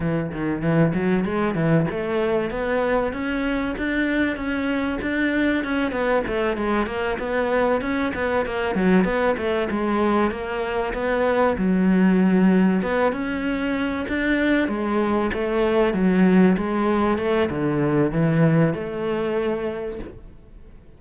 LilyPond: \new Staff \with { instrumentName = "cello" } { \time 4/4 \tempo 4 = 96 e8 dis8 e8 fis8 gis8 e8 a4 | b4 cis'4 d'4 cis'4 | d'4 cis'8 b8 a8 gis8 ais8 b8~ | b8 cis'8 b8 ais8 fis8 b8 a8 gis8~ |
gis8 ais4 b4 fis4.~ | fis8 b8 cis'4. d'4 gis8~ | gis8 a4 fis4 gis4 a8 | d4 e4 a2 | }